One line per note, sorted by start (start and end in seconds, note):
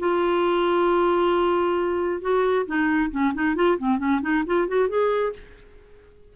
0.00 2.22 F4
2.22 2.66 F#4
2.67 3.11 D#4
3.12 3.34 C#4
3.35 3.56 D#4
3.56 3.78 F4
3.79 3.99 C4
3.99 4.21 C#4
4.22 4.44 D#4
4.47 4.68 F4
4.68 4.89 F#4
4.89 5.34 G#4